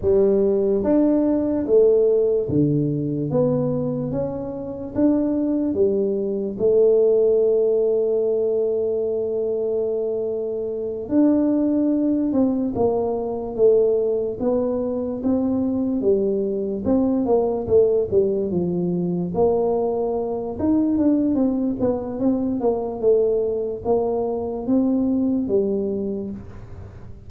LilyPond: \new Staff \with { instrumentName = "tuba" } { \time 4/4 \tempo 4 = 73 g4 d'4 a4 d4 | b4 cis'4 d'4 g4 | a1~ | a4. d'4. c'8 ais8~ |
ais8 a4 b4 c'4 g8~ | g8 c'8 ais8 a8 g8 f4 ais8~ | ais4 dis'8 d'8 c'8 b8 c'8 ais8 | a4 ais4 c'4 g4 | }